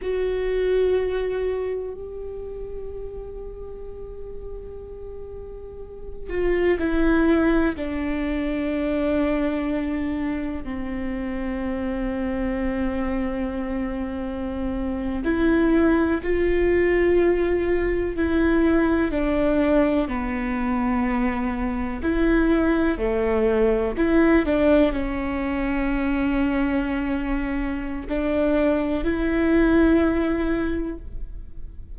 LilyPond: \new Staff \with { instrumentName = "viola" } { \time 4/4 \tempo 4 = 62 fis'2 g'2~ | g'2~ g'8 f'8 e'4 | d'2. c'4~ | c'2.~ c'8. e'16~ |
e'8. f'2 e'4 d'16~ | d'8. b2 e'4 a16~ | a8. e'8 d'8 cis'2~ cis'16~ | cis'4 d'4 e'2 | }